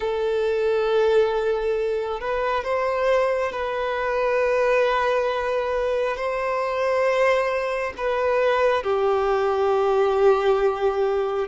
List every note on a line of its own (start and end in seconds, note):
0.00 2.20 A4
2.20 2.64 B4
2.64 3.52 C5
3.52 6.16 B4
6.16 7.93 C5
7.97 8.83 B4
8.83 11.47 G4